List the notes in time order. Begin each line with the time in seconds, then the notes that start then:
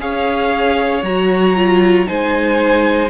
0.00 C#4 G#4 C#5 F5
1.03 F#3 F#4 A#5
1.56 F4
2.06 G#3 D#4 C5 G#5